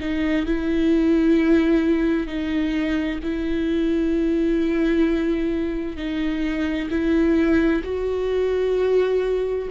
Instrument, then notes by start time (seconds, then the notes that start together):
viola
0.00 D#4
0.46 E4
2.27 D#4
3.23 E4
5.97 D#4
6.90 E4
7.84 F#4